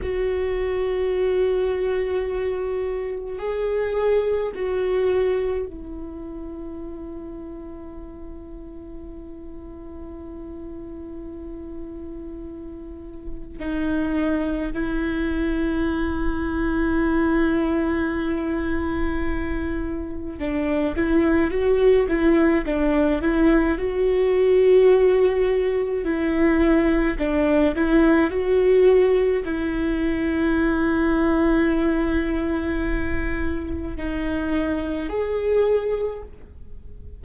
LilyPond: \new Staff \with { instrumentName = "viola" } { \time 4/4 \tempo 4 = 53 fis'2. gis'4 | fis'4 e'2.~ | e'1 | dis'4 e'2.~ |
e'2 d'8 e'8 fis'8 e'8 | d'8 e'8 fis'2 e'4 | d'8 e'8 fis'4 e'2~ | e'2 dis'4 gis'4 | }